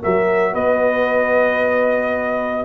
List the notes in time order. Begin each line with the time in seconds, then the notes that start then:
0.00 F#3 F#4 A#4 E5
0.53 B3 B4 D#5